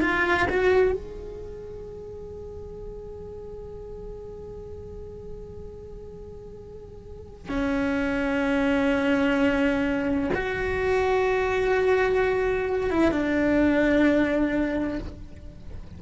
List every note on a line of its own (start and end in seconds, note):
0.00 0.47 F4
0.49 0.92 F#4
0.92 7.48 G#4
7.48 10.30 C#4
10.34 12.90 F#4
12.90 13.11 E4
13.11 14.98 D4